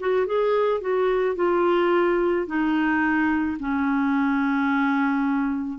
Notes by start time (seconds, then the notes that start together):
0.00 F#4
0.26 G#4
0.81 F#4
1.35 F4
2.46 D#4
3.60 C#4